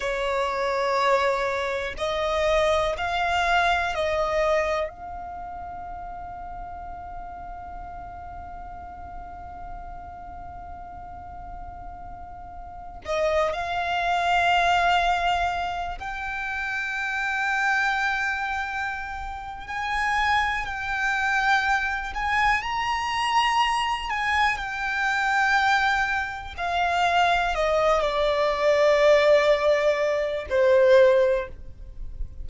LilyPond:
\new Staff \with { instrumentName = "violin" } { \time 4/4 \tempo 4 = 61 cis''2 dis''4 f''4 | dis''4 f''2.~ | f''1~ | f''4~ f''16 dis''8 f''2~ f''16~ |
f''16 g''2.~ g''8. | gis''4 g''4. gis''8 ais''4~ | ais''8 gis''8 g''2 f''4 | dis''8 d''2~ d''8 c''4 | }